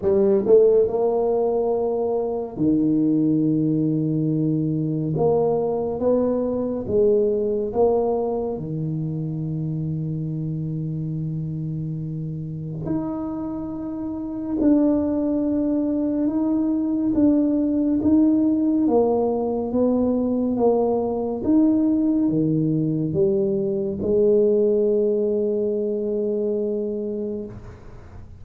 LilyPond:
\new Staff \with { instrumentName = "tuba" } { \time 4/4 \tempo 4 = 70 g8 a8 ais2 dis4~ | dis2 ais4 b4 | gis4 ais4 dis2~ | dis2. dis'4~ |
dis'4 d'2 dis'4 | d'4 dis'4 ais4 b4 | ais4 dis'4 dis4 g4 | gis1 | }